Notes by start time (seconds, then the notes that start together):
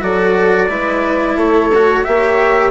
0.00 F#3 F#4 A4 D5
0.69 G#3 E4 B4
1.36 A3 A4 C#5
1.74 F#4
2.04 A#3 G4 C#5 E5